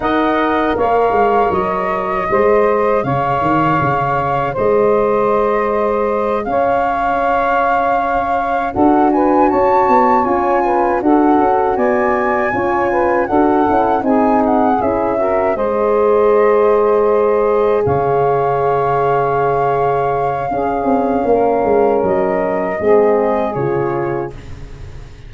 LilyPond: <<
  \new Staff \with { instrumentName = "flute" } { \time 4/4 \tempo 4 = 79 fis''4 f''4 dis''2 | f''2 dis''2~ | dis''8 f''2. fis''8 | gis''8 a''4 gis''4 fis''4 gis''8~ |
gis''4. fis''4 gis''8 fis''8 e''8~ | e''8 dis''2. f''8~ | f''1~ | f''4 dis''2 cis''4 | }
  \new Staff \with { instrumentName = "saxophone" } { \time 4/4 dis''4 cis''2 c''4 | cis''2 c''2~ | c''8 cis''2. a'8 | b'8 cis''4. b'8 a'4 d''8~ |
d''8 cis''8 b'8 a'4 gis'4. | ais'8 c''2. cis''8~ | cis''2. gis'4 | ais'2 gis'2 | }
  \new Staff \with { instrumentName = "horn" } { \time 4/4 ais'2. gis'4~ | gis'1~ | gis'2.~ gis'8 fis'8~ | fis'4. f'4 fis'4.~ |
fis'8 f'4 fis'8 e'8 dis'4 e'8 | fis'8 gis'2.~ gis'8~ | gis'2. cis'4~ | cis'2 c'4 f'4 | }
  \new Staff \with { instrumentName = "tuba" } { \time 4/4 dis'4 ais8 gis8 fis4 gis4 | cis8 dis8 cis4 gis2~ | gis8 cis'2. d'8~ | d'8 cis'8 b8 cis'4 d'8 cis'8 b8~ |
b8 cis'4 d'8 cis'8 c'4 cis'8~ | cis'8 gis2. cis8~ | cis2. cis'8 c'8 | ais8 gis8 fis4 gis4 cis4 | }
>>